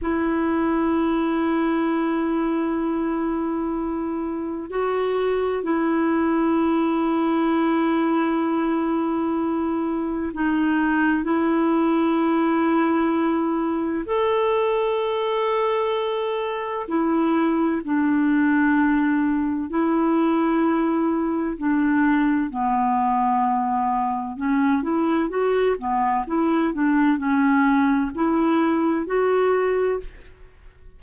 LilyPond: \new Staff \with { instrumentName = "clarinet" } { \time 4/4 \tempo 4 = 64 e'1~ | e'4 fis'4 e'2~ | e'2. dis'4 | e'2. a'4~ |
a'2 e'4 d'4~ | d'4 e'2 d'4 | b2 cis'8 e'8 fis'8 b8 | e'8 d'8 cis'4 e'4 fis'4 | }